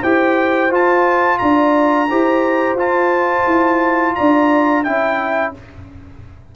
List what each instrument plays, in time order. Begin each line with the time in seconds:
0.00 tuba E4, trombone G4, horn C5, trumpet G5
0.69 trombone F4, tuba F4, trumpet A5
1.38 tuba D4, horn D5, trumpet A#5
2.09 tuba E4, trombone G4, horn C5
2.74 tuba F4, trombone F4, trumpet A5
3.46 tuba E4
4.15 tuba D4, horn D5, trumpet A#5
4.83 tuba C#4, trombone E4, horn E5, trumpet G5